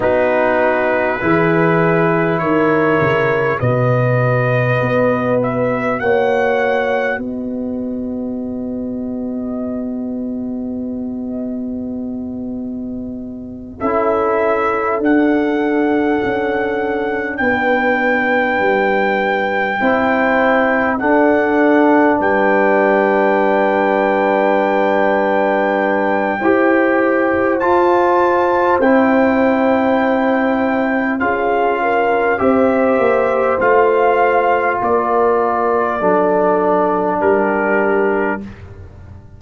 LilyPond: <<
  \new Staff \with { instrumentName = "trumpet" } { \time 4/4 \tempo 4 = 50 b'2 cis''4 dis''4~ | dis''8 e''8 fis''4 dis''2~ | dis''2.~ dis''8 e''8~ | e''8 fis''2 g''4.~ |
g''4. fis''4 g''4.~ | g''2. a''4 | g''2 f''4 e''4 | f''4 d''2 ais'4 | }
  \new Staff \with { instrumentName = "horn" } { \time 4/4 fis'4 gis'4 ais'4 b'4~ | b'4 cis''4 b'2~ | b'2.~ b'8 a'8~ | a'2~ a'8 b'4.~ |
b'8 c''4 a'4 b'4.~ | b'2 c''2~ | c''2 gis'8 ais'8 c''4~ | c''4 ais'4 a'4 g'4 | }
  \new Staff \with { instrumentName = "trombone" } { \time 4/4 dis'4 e'2 fis'4~ | fis'1~ | fis'2.~ fis'8 e'8~ | e'8 d'2.~ d'8~ |
d'8 e'4 d'2~ d'8~ | d'2 g'4 f'4 | e'2 f'4 g'4 | f'2 d'2 | }
  \new Staff \with { instrumentName = "tuba" } { \time 4/4 b4 e4 dis8 cis8 b,4 | b4 ais4 b2~ | b2.~ b8 cis'8~ | cis'8 d'4 cis'4 b4 g8~ |
g8 c'4 d'4 g4.~ | g2 e'4 f'4 | c'2 cis'4 c'8 ais8 | a4 ais4 fis4 g4 | }
>>